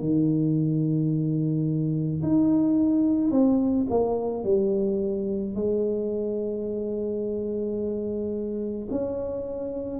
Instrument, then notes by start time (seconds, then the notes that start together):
tuba
0.00 D#3
2.23 D#4
3.31 C4
3.90 A#3
4.44 G3
5.55 G#3
8.91 C#4